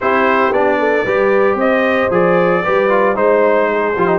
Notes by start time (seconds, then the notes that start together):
0.00 C4 E4 G4 C5
0.50 B3 D4 D5
0.79 A4
1.04 G3 G4 B4
1.54 C4 C5 D#5
2.10 F3 G#4 D5
2.63 G3 G4 B4
2.89 F4
3.15 G#3 D#4 C5
3.71 G#4
3.96 F3 F4 G4
4.06 D#4